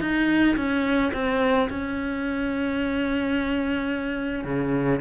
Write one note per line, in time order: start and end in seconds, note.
0.00 0.56 D#4
0.56 1.12 C#4
1.13 1.68 C4
1.69 4.44 C#4
4.44 5.00 C#3